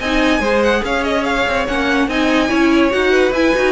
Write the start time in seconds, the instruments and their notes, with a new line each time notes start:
0.00 cello C4, viola D#4, violin D#5 G#5
0.40 cello G#3, viola G#4, violin C5
0.63 violin F#5
0.84 cello C#4, violin C#5 F5
1.04 violin D#5
1.25 violin F5
1.47 cello C4
1.68 cello A#3, viola C#4, violin F#5
2.08 cello C4, viola D#4, violin D#5 G#5
2.49 cello C#4, viola E4, violin C#5
2.91 cello D#4, viola F#4, violin F#5
3.12 violin B4
3.32 cello E4, viola E4, violin G#5
3.56 cello D#4, viola F#4